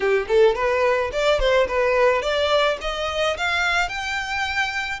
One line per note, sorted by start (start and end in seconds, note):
0.00 0.26 G4
0.28 0.55 A4
0.55 1.10 B4
1.12 1.39 D5
1.39 1.67 C5
1.67 2.22 B4
2.22 2.77 D5
2.81 3.36 D#5
3.37 3.88 F5
3.88 4.99 G5